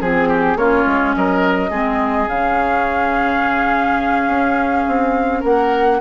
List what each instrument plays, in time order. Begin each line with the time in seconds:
0.00 bassoon F3, clarinet C4, oboe G#4, flute G#4
0.28 oboe G4
0.55 bassoon A#3, clarinet C#4, oboe F4, flute C#5
0.86 bassoon G#3
1.15 bassoon F#3, oboe A#4, flute D#5
1.70 bassoon G#3, clarinet C4, oboe G#4
2.27 bassoon C#3, clarinet C#4, flute F5
4.27 bassoon C#4
4.88 bassoon C4
5.39 bassoon A#3, oboe A#4, flute F#5